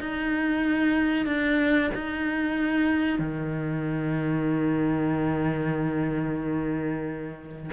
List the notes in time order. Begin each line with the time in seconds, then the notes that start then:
0.00 D#4
1.26 D4
1.94 D#4
3.19 D#3